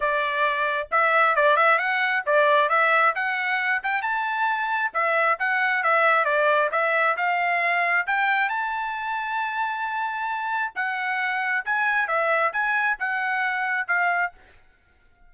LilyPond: \new Staff \with { instrumentName = "trumpet" } { \time 4/4 \tempo 4 = 134 d''2 e''4 d''8 e''8 | fis''4 d''4 e''4 fis''4~ | fis''8 g''8 a''2 e''4 | fis''4 e''4 d''4 e''4 |
f''2 g''4 a''4~ | a''1 | fis''2 gis''4 e''4 | gis''4 fis''2 f''4 | }